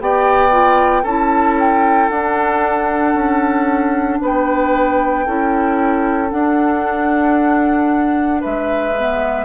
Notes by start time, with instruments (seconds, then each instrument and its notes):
0.00 bassoon B3, clarinet G4, oboe D5, flute G5
0.50 clarinet F4
1.03 bassoon C#4, clarinet E4, oboe A4, flute A5
1.59 flute G5
2.09 bassoon D4, clarinet D4, flute F#5
3.14 bassoon C#4
4.21 bassoon B3, oboe B4, flute G5
5.25 bassoon C#4, clarinet E4, oboe A4
6.29 clarinet D4, bassoon D4, flute F#5
8.40 bassoon G#3, oboe B4, flute E5
8.98 clarinet B3